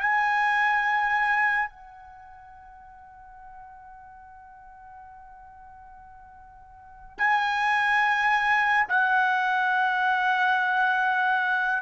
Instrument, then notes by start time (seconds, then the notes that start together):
trumpet
0.00 G#5
1.69 F#5
7.18 G#5
8.88 F#5